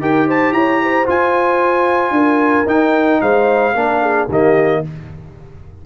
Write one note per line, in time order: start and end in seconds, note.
0.00 0.52 D#4
0.00 1.05 G4
0.00 0.27 A#4
0.00 0.28 G5
0.27 0.54 C5
0.27 0.53 A5
0.52 1.05 E4
0.52 0.81 C#5
0.52 1.06 A#5
0.82 2.15 C5
1.05 2.66 F4
1.05 2.11 F4
1.05 2.68 G#5
2.11 2.64 D4
2.11 3.22 A#4
2.66 3.19 D#4
2.66 3.74 D#4
2.66 3.21 G5
3.21 3.74 G#3
3.21 3.75 C5
3.21 4.28 F5
3.74 4.28 A#3
3.74 4.29 D4
3.74 4.02 A#4
4.02 4.28 G#4
4.28 4.82 D#3
4.28 4.84 A#3
4.28 4.81 G4
4.28 4.85 D#5